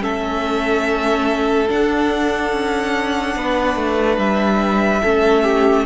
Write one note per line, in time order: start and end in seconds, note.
0.00 1.69 A3
0.00 1.67 C#4
0.00 3.37 A4
0.00 1.70 E5
1.69 5.02 D4
1.69 2.53 D4
1.69 4.19 F#5
2.53 3.36 C#4
3.36 3.76 B3
3.36 5.02 B4
3.76 4.18 A3
4.18 5.01 G3
4.18 5.86 E5
5.02 5.86 A3
5.02 5.86 C#4
5.02 5.44 A4
5.44 5.85 G4